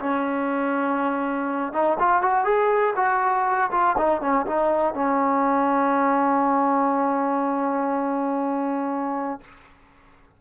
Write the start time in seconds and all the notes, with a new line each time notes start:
0.00 C#4
1.73 D#4
2.00 F4
2.22 F#4
2.45 G#4
2.97 F#4
3.72 F4
3.98 D#4
4.21 C#4
4.47 D#4
4.95 C#4